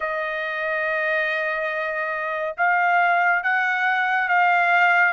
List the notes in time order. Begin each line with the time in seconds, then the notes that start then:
0.00 D#5
2.57 F5
3.43 F#5
4.28 F5